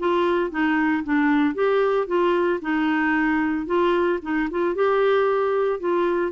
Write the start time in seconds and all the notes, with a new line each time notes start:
0.00 F4
0.51 D#4
1.05 D4
1.55 G4
2.07 F4
2.62 D#4
3.67 F4
4.23 D#4
4.51 F4
4.75 G4
5.80 F4